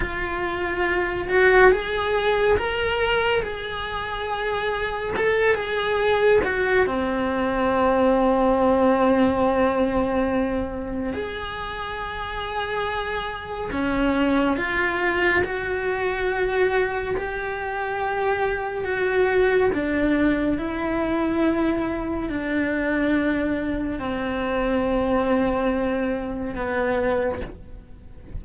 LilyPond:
\new Staff \with { instrumentName = "cello" } { \time 4/4 \tempo 4 = 70 f'4. fis'8 gis'4 ais'4 | gis'2 a'8 gis'4 fis'8 | c'1~ | c'4 gis'2. |
cis'4 f'4 fis'2 | g'2 fis'4 d'4 | e'2 d'2 | c'2. b4 | }